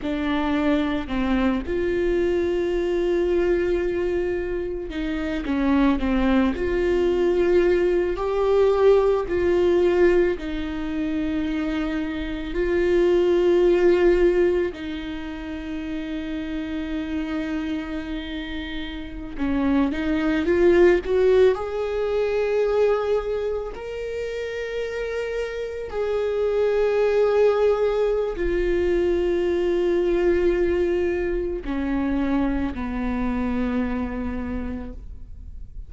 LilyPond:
\new Staff \with { instrumentName = "viola" } { \time 4/4 \tempo 4 = 55 d'4 c'8 f'2~ f'8~ | f'8 dis'8 cis'8 c'8 f'4. g'8~ | g'8 f'4 dis'2 f'8~ | f'4. dis'2~ dis'8~ |
dis'4.~ dis'16 cis'8 dis'8 f'8 fis'8 gis'16~ | gis'4.~ gis'16 ais'2 gis'16~ | gis'2 f'2~ | f'4 cis'4 b2 | }